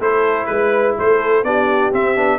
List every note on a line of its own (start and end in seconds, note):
0.00 0.48 A3
0.00 1.45 E4
0.00 0.48 A4
0.00 0.47 C5
0.47 0.97 G#3
0.47 0.95 B4
0.47 0.96 B4
0.98 1.44 A3
0.98 1.46 A4
0.98 1.45 C5
1.44 1.92 B3
1.44 1.93 D4
1.44 2.40 G4
1.44 1.93 D5
1.93 2.16 C4
1.93 2.17 C4
1.93 2.40 E5
2.16 2.40 B3
2.16 2.40 D4